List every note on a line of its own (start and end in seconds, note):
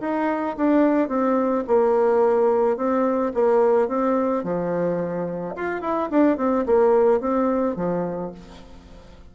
0.00 0.56 D#4
0.56 1.08 D4
1.08 1.64 C4
1.67 2.77 A#3
2.77 3.32 C4
3.34 3.88 A#3
3.88 4.43 C4
4.43 5.55 F3
5.55 5.81 F4
5.81 6.09 E4
6.10 6.37 D4
6.37 6.65 C4
6.65 7.20 A#3
7.20 7.76 C4
7.76 8.31 F3